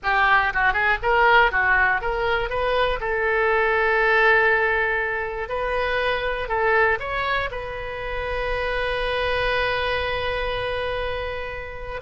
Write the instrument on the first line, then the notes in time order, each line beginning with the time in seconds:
oboe
0.03 G4
0.53 F#4
0.72 G#4
1.02 A#4
1.51 F#4
2.01 A#4
2.49 B4
3.00 A4
5.48 B4
6.48 A4
6.99 C#5
7.51 B4